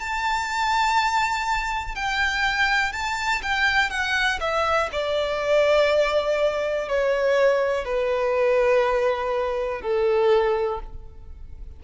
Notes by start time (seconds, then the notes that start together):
0.00 A5
1.95 G5
2.93 A5
3.42 G5
3.90 F#5
4.41 E5
4.92 D5
6.89 C#5
7.85 B4
9.82 A4